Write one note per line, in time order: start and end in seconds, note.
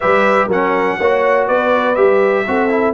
0.00 0.47 G3
0.00 0.50 G4
0.00 0.47 B4
0.00 0.49 E5
0.47 0.96 F#3
0.47 1.00 C#4
0.47 0.96 A#4
0.47 1.47 F#5
0.98 1.48 A#3
0.98 1.96 F#4
0.98 1.47 C#5
1.47 1.97 B3
1.47 2.45 B4
1.47 1.95 D5
1.95 2.46 G3
1.95 2.45 G4
1.95 2.93 E5
2.47 2.94 C4
2.47 2.69 F#4
2.47 2.94 A4
2.69 2.93 E4